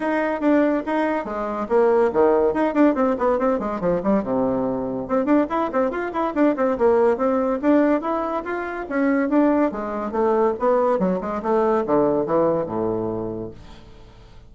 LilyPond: \new Staff \with { instrumentName = "bassoon" } { \time 4/4 \tempo 4 = 142 dis'4 d'4 dis'4 gis4 | ais4 dis4 dis'8 d'8 c'8 b8 | c'8 gis8 f8 g8 c2 | c'8 d'8 e'8 c'8 f'8 e'8 d'8 c'8 |
ais4 c'4 d'4 e'4 | f'4 cis'4 d'4 gis4 | a4 b4 fis8 gis8 a4 | d4 e4 a,2 | }